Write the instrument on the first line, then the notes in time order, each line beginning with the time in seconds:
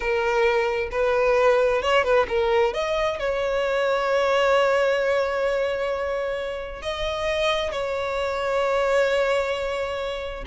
violin
0.00 A#4
0.91 B4
1.82 C#5
2.04 B4
2.28 A#4
2.73 D#5
3.19 C#5
6.82 D#5
7.71 C#5